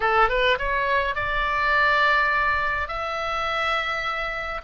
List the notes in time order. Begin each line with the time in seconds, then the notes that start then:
0.00 A4
0.29 B4
0.58 C#5
1.15 D5
2.88 E5